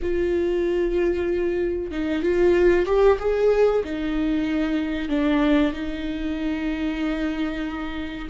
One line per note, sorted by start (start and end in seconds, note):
0.01 1.91 F4
1.91 2.22 D#4
2.22 2.85 F4
2.85 3.17 G4
3.19 3.83 G#4
3.84 5.08 D#4
5.08 5.72 D4
5.72 8.27 D#4